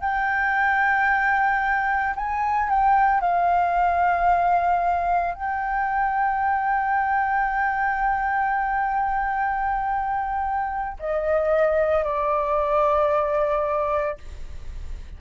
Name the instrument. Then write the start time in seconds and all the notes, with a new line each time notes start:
flute
0.00 G5
2.15 G#5
2.69 G5
3.20 F5
5.34 G5
10.99 D#5
12.03 D5